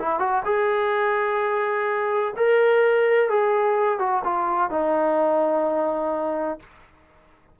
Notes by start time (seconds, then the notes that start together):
0.00 E4
0.20 F#4
0.46 G#4
2.37 A#4
3.30 G#4
4.00 F#4
4.25 F4
4.71 D#4